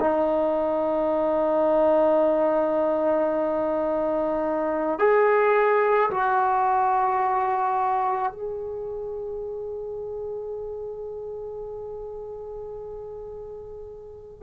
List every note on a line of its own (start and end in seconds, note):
0.00 4.99 D#4
4.99 6.10 G#4
6.11 8.32 F#4
8.32 14.43 G#4